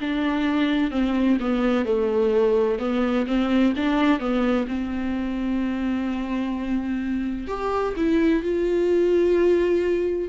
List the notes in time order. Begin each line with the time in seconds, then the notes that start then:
0.00 D4
0.91 C4
1.40 B3
1.85 A3
2.79 B3
3.27 C4
3.76 D4
4.19 B3
4.67 C4
7.47 G4
7.96 E4
8.42 F4